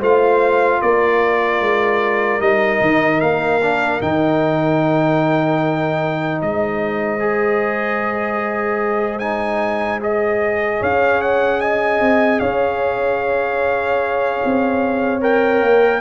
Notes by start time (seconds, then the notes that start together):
0.00 A3 F4 C5 F5
0.82 A#3 A#4 D5
1.61 G#3
2.40 G3 D#4 D#5
2.82 D#3
3.21 A#3 F5
3.63 D4
4.01 D#3 D#4 G5
6.39 G#3 C5 D#5
7.20 G#4
9.19 D#4 G#5
10.00 G#4 D#5
10.79 C#4 C#5 F5
11.22 F#5
11.61 D#5 G#5
12.01 C4
12.40 C#4 C#5 F5
14.45 C4
15.22 A#4 G5
15.62 A#3